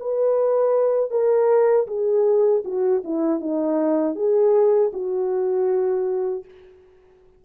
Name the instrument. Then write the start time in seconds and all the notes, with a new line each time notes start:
horn
0.00 B4
1.11 A#4
1.87 G#4
2.65 F#4
3.05 E4
3.40 D#4
4.16 G#4
4.93 F#4